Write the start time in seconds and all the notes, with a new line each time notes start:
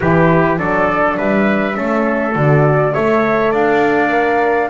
0.00 E3 E4 G4 B4
0.57 F#3 D4 A4 D5
1.17 G3 B4 E5
1.74 A3 C#4 A4
2.35 D3 F#4 D5
2.93 A3 A4 C#5 E5
3.51 D4 D5 F5
4.09 A#4